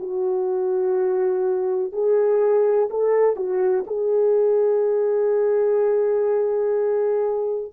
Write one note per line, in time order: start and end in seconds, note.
0.00 1.93 F#4
1.93 2.89 G#4
2.90 3.37 A4
3.37 3.85 F#4
3.87 7.73 G#4